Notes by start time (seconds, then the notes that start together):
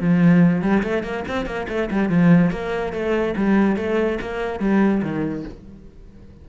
0.00 F3
0.61 G3
0.83 A3
1.03 A#3
1.28 C4
1.46 A#3
1.68 A3
1.90 G3
2.09 F3
2.50 A#3
2.92 A3
3.36 G3
3.76 A3
4.21 A#3
4.59 G3
5.02 D#3